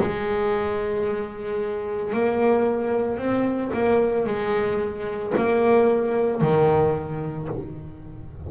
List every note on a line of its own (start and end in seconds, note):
0.00 2.13 G#3
2.13 3.18 A#3
3.18 3.71 C4
3.73 4.26 A#3
4.26 5.33 G#3
5.37 6.41 A#3
6.41 7.48 D#3